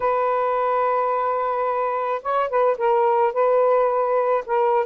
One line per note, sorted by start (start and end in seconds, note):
0.00 2.21 B4
2.22 2.49 C#5
2.49 2.77 B4
2.77 3.33 A#4
3.33 4.44 B4
4.46 4.86 A#4